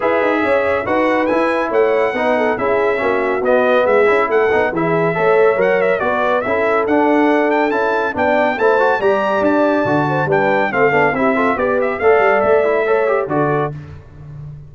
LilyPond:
<<
  \new Staff \with { instrumentName = "trumpet" } { \time 4/4 \tempo 4 = 140 e''2 fis''4 gis''4 | fis''2 e''2 | dis''4 e''4 fis''4 e''4~ | e''4 fis''8 e''8 d''4 e''4 |
fis''4. g''8 a''4 g''4 | a''4 ais''4 a''2 | g''4 f''4 e''4 d''8 e''8 | f''4 e''2 d''4 | }
  \new Staff \with { instrumentName = "horn" } { \time 4/4 b'4 cis''4 b'2 | cis''4 b'8 a'8 gis'4 fis'4~ | fis'4 gis'4 a'4 gis'4 | cis''2 b'4 a'4~ |
a'2. d''4 | c''4 d''2~ d''8 c''8 | b'4 a'4 g'8 a'8 b'4 | d''2 cis''4 a'4 | }
  \new Staff \with { instrumentName = "trombone" } { \time 4/4 gis'2 fis'4 e'4~ | e'4 dis'4 e'4 cis'4 | b4. e'4 dis'8 e'4 | a'4 ais'4 fis'4 e'4 |
d'2 e'4 d'4 | e'8 fis'8 g'2 fis'4 | d'4 c'8 d'8 e'8 f'8 g'4 | a'4. e'8 a'8 g'8 fis'4 | }
  \new Staff \with { instrumentName = "tuba" } { \time 4/4 e'8 dis'8 cis'4 dis'4 e'4 | a4 b4 cis'4 ais4 | b4 gis8 cis'8 a8 b8 e4 | a4 fis4 b4 cis'4 |
d'2 cis'4 b4 | a4 g4 d'4 d4 | g4 a8 b8 c'4 b4 | a8 g8 a2 d4 | }
>>